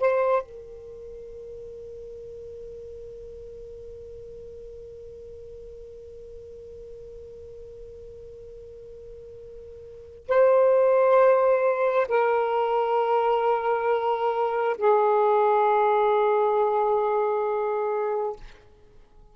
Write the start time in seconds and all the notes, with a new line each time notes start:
0.00 C5
0.43 A#4
10.28 C5
12.09 A#4
14.78 G#4